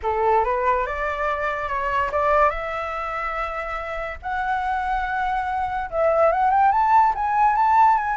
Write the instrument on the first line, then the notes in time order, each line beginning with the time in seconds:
flute
0.02 A4
0.44 B4
0.86 D5
1.68 C#5
2.11 D5
2.50 E5
4.22 F#5
5.90 E5
6.31 F#5
6.50 G5
6.71 A5
7.14 G#5
7.55 A5
7.97 G#5